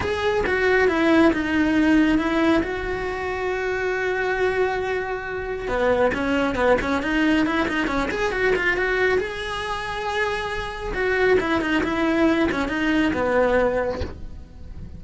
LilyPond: \new Staff \with { instrumentName = "cello" } { \time 4/4 \tempo 4 = 137 gis'4 fis'4 e'4 dis'4~ | dis'4 e'4 fis'2~ | fis'1~ | fis'4 b4 cis'4 b8 cis'8 |
dis'4 e'8 dis'8 cis'8 gis'8 fis'8 f'8 | fis'4 gis'2.~ | gis'4 fis'4 e'8 dis'8 e'4~ | e'8 cis'8 dis'4 b2 | }